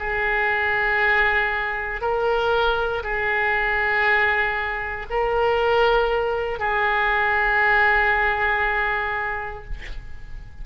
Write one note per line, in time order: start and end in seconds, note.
0.00 2.02 G#4
2.02 3.03 A#4
3.04 5.07 G#4
5.10 6.60 A#4
6.60 9.65 G#4